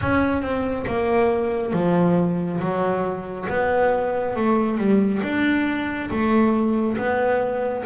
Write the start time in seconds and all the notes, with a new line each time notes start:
0.01 C#4
0.42 C4
0.86 A#3
1.72 F3
2.60 F#3
3.49 B3
4.36 A3
4.77 G3
5.22 D4
6.10 A3
6.97 B3